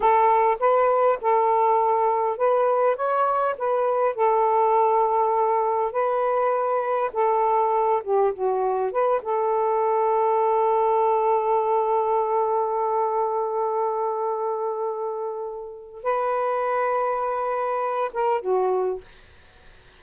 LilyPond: \new Staff \with { instrumentName = "saxophone" } { \time 4/4 \tempo 4 = 101 a'4 b'4 a'2 | b'4 cis''4 b'4 a'4~ | a'2 b'2 | a'4. g'8 fis'4 b'8 a'8~ |
a'1~ | a'1~ | a'2. b'4~ | b'2~ b'8 ais'8 fis'4 | }